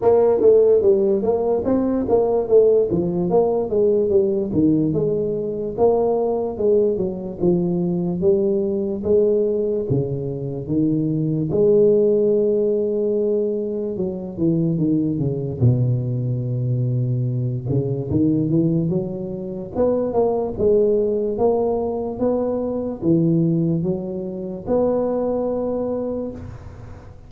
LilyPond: \new Staff \with { instrumentName = "tuba" } { \time 4/4 \tempo 4 = 73 ais8 a8 g8 ais8 c'8 ais8 a8 f8 | ais8 gis8 g8 dis8 gis4 ais4 | gis8 fis8 f4 g4 gis4 | cis4 dis4 gis2~ |
gis4 fis8 e8 dis8 cis8 b,4~ | b,4. cis8 dis8 e8 fis4 | b8 ais8 gis4 ais4 b4 | e4 fis4 b2 | }